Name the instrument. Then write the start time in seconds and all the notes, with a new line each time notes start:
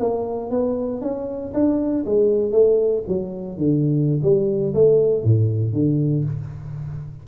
tuba
0.00 A#3
0.51 B3
1.02 C#4
1.54 D4
2.06 G#3
2.52 A3
3.08 F#3
3.58 D3
4.23 G3
4.75 A3
5.24 A2
5.73 D3